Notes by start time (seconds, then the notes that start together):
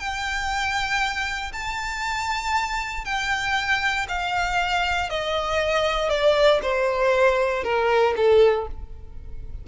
0.00 G5
1.53 A5
3.05 G5
4.09 F5
5.10 D#5
6.10 D5
6.63 C5
7.64 A#4
8.17 A4